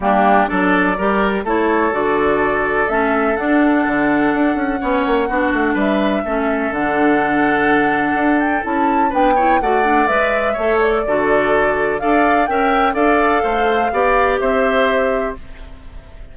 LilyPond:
<<
  \new Staff \with { instrumentName = "flute" } { \time 4/4 \tempo 4 = 125 g'4 d''2 cis''4 | d''2 e''4 fis''4~ | fis''1 | e''2 fis''2~ |
fis''4. g''8 a''4 g''4 | fis''4 e''4. d''4.~ | d''4 f''4 g''4 f''4~ | f''2 e''2 | }
  \new Staff \with { instrumentName = "oboe" } { \time 4/4 d'4 a'4 ais'4 a'4~ | a'1~ | a'2 cis''4 fis'4 | b'4 a'2.~ |
a'2. b'8 cis''8 | d''2 cis''4 a'4~ | a'4 d''4 e''4 d''4 | c''4 d''4 c''2 | }
  \new Staff \with { instrumentName = "clarinet" } { \time 4/4 ais4 d'4 g'4 e'4 | fis'2 cis'4 d'4~ | d'2 cis'4 d'4~ | d'4 cis'4 d'2~ |
d'2 e'4 d'8 e'8 | fis'8 d'8 b'4 a'4 fis'4~ | fis'4 a'4 ais'4 a'4~ | a'4 g'2. | }
  \new Staff \with { instrumentName = "bassoon" } { \time 4/4 g4 fis4 g4 a4 | d2 a4 d'4 | d4 d'8 cis'8 b8 ais8 b8 a8 | g4 a4 d2~ |
d4 d'4 cis'4 b4 | a4 gis4 a4 d4~ | d4 d'4 cis'4 d'4 | a4 b4 c'2 | }
>>